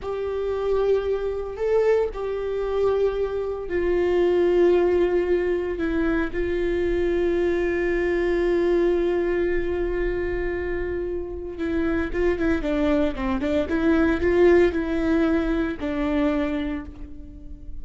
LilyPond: \new Staff \with { instrumentName = "viola" } { \time 4/4 \tempo 4 = 114 g'2. a'4 | g'2. f'4~ | f'2. e'4 | f'1~ |
f'1~ | f'2 e'4 f'8 e'8 | d'4 c'8 d'8 e'4 f'4 | e'2 d'2 | }